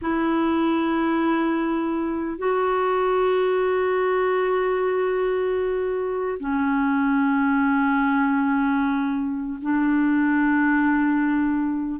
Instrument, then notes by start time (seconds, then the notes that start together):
clarinet
0.01 E4
2.37 F#4
6.39 C#4
9.61 D4